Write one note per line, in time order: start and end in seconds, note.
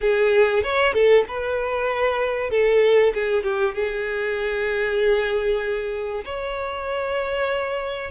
0.00 0.62 G#4
0.62 0.93 C#5
0.93 1.24 A4
1.28 2.50 B4
2.50 3.12 A4
3.14 3.43 G#4
3.43 3.74 G4
3.74 6.24 G#4
6.24 8.10 C#5